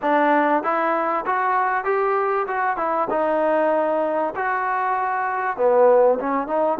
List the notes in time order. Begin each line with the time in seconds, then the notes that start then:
0.02 D4
0.63 E4
1.26 F#4
1.84 G4
2.47 F#4
2.77 E4
3.10 D#4
4.35 F#4
5.56 B3
6.19 C#4
6.47 D#4